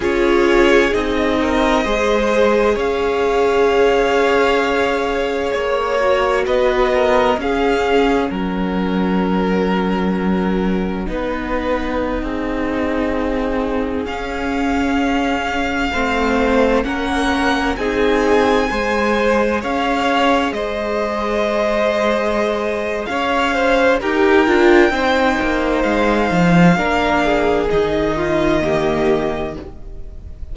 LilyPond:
<<
  \new Staff \with { instrumentName = "violin" } { \time 4/4 \tempo 4 = 65 cis''4 dis''2 f''4~ | f''2 cis''4 dis''4 | f''4 fis''2.~ | fis''2.~ fis''16 f''8.~ |
f''2~ f''16 fis''4 gis''8.~ | gis''4~ gis''16 f''4 dis''4.~ dis''16~ | dis''4 f''4 g''2 | f''2 dis''2 | }
  \new Staff \with { instrumentName = "violin" } { \time 4/4 gis'4. ais'8 c''4 cis''4~ | cis''2. b'8 ais'8 | gis'4 ais'2. | b'4~ b'16 gis'2~ gis'8.~ |
gis'4~ gis'16 c''4 ais'4 gis'8.~ | gis'16 c''4 cis''4 c''4.~ c''16~ | c''4 cis''8 c''8 ais'4 c''4~ | c''4 ais'8 gis'4 f'8 g'4 | }
  \new Staff \with { instrumentName = "viola" } { \time 4/4 f'4 dis'4 gis'2~ | gis'2~ gis'8 fis'4. | cis'1 | dis'2.~ dis'16 cis'8.~ |
cis'4~ cis'16 c'4 cis'4 dis'8.~ | dis'16 gis'2.~ gis'8.~ | gis'2 g'8 f'8 dis'4~ | dis'4 d'4 dis'4 ais4 | }
  \new Staff \with { instrumentName = "cello" } { \time 4/4 cis'4 c'4 gis4 cis'4~ | cis'2 ais4 b4 | cis'4 fis2. | b4~ b16 c'2 cis'8.~ |
cis'4~ cis'16 a4 ais4 c'8.~ | c'16 gis4 cis'4 gis4.~ gis16~ | gis4 cis'4 dis'8 d'8 c'8 ais8 | gis8 f8 ais4 dis2 | }
>>